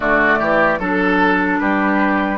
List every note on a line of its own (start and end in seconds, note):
0.00 0.39 D3
0.00 0.79 A3
0.00 0.39 F#4
0.00 0.79 D5
0.39 0.79 E3
0.39 0.79 G4
0.79 1.59 F#3
0.79 2.38 D4
0.79 1.59 A4
1.59 2.38 G3
1.59 2.38 G4
1.59 2.38 B4